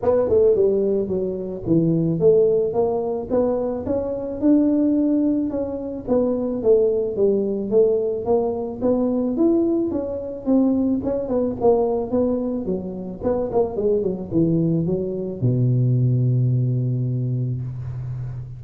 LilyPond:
\new Staff \with { instrumentName = "tuba" } { \time 4/4 \tempo 4 = 109 b8 a8 g4 fis4 e4 | a4 ais4 b4 cis'4 | d'2 cis'4 b4 | a4 g4 a4 ais4 |
b4 e'4 cis'4 c'4 | cis'8 b8 ais4 b4 fis4 | b8 ais8 gis8 fis8 e4 fis4 | b,1 | }